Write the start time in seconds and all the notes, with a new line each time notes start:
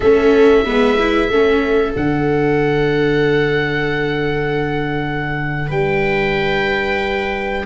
0.00 A3 C#4 A4 E5
0.65 G#3 B3 B4
0.99 E4
1.29 A3 C#4 A4
1.96 D3 D4 F#5
5.67 G3 B4 G5